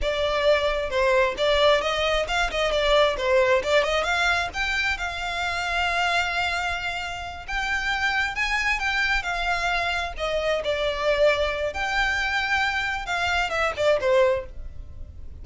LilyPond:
\new Staff \with { instrumentName = "violin" } { \time 4/4 \tempo 4 = 133 d''2 c''4 d''4 | dis''4 f''8 dis''8 d''4 c''4 | d''8 dis''8 f''4 g''4 f''4~ | f''1~ |
f''8 g''2 gis''4 g''8~ | g''8 f''2 dis''4 d''8~ | d''2 g''2~ | g''4 f''4 e''8 d''8 c''4 | }